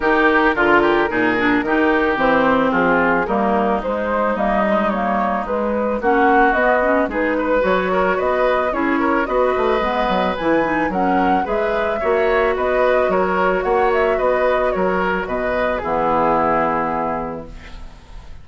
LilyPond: <<
  \new Staff \with { instrumentName = "flute" } { \time 4/4 \tempo 4 = 110 ais'1 | c''4 gis'4 ais'4 c''4 | dis''4 cis''4 b'4 fis''4 | dis''4 b'4 cis''4 dis''4 |
cis''4 dis''2 gis''4 | fis''4 e''2 dis''4 | cis''4 fis''8 e''8 dis''4 cis''4 | dis''4 gis'2. | }
  \new Staff \with { instrumentName = "oboe" } { \time 4/4 g'4 f'8 g'8 gis'4 g'4~ | g'4 f'4 dis'2~ | dis'2. fis'4~ | fis'4 gis'8 b'4 ais'8 b'4 |
gis'8 ais'8 b'2. | ais'4 b'4 cis''4 b'4 | ais'4 cis''4 b'4 ais'4 | b'4 e'2. | }
  \new Staff \with { instrumentName = "clarinet" } { \time 4/4 dis'4 f'4 dis'8 d'8 dis'4 | c'2 ais4 gis4 | ais8 gis8 ais4 gis4 cis'4 | b8 cis'8 dis'4 fis'2 |
e'4 fis'4 b4 e'8 dis'8 | cis'4 gis'4 fis'2~ | fis'1~ | fis'4 b2. | }
  \new Staff \with { instrumentName = "bassoon" } { \time 4/4 dis4 d4 ais,4 dis4 | e4 f4 g4 gis4 | g2 gis4 ais4 | b4 gis4 fis4 b4 |
cis'4 b8 a8 gis8 fis8 e4 | fis4 gis4 ais4 b4 | fis4 ais4 b4 fis4 | b,4 e2. | }
>>